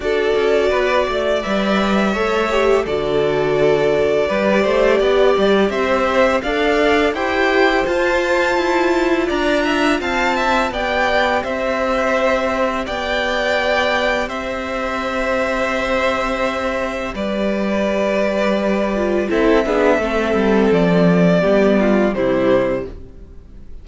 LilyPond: <<
  \new Staff \with { instrumentName = "violin" } { \time 4/4 \tempo 4 = 84 d''2 e''2 | d''1 | e''4 f''4 g''4 a''4~ | a''4 ais''4 a''4 g''4 |
e''2 g''2 | e''1 | d''2. e''4~ | e''4 d''2 c''4 | }
  \new Staff \with { instrumentName = "violin" } { \time 4/4 a'4 b'8 d''4. cis''4 | a'2 b'8 c''8 d''4 | c''4 d''4 c''2~ | c''4 d''8 e''8 f''8 e''8 d''4 |
c''2 d''2 | c''1 | b'2. a'8 gis'8 | a'2 g'8 f'8 e'4 | }
  \new Staff \with { instrumentName = "viola" } { \time 4/4 fis'2 b'4 a'8 g'8 | fis'2 g'2~ | g'4 a'4 g'4 f'4~ | f'2. g'4~ |
g'1~ | g'1~ | g'2~ g'8 f'8 e'8 d'8 | c'2 b4 g4 | }
  \new Staff \with { instrumentName = "cello" } { \time 4/4 d'8 cis'8 b8 a8 g4 a4 | d2 g8 a8 b8 g8 | c'4 d'4 e'4 f'4 | e'4 d'4 c'4 b4 |
c'2 b2 | c'1 | g2. c'8 b8 | a8 g8 f4 g4 c4 | }
>>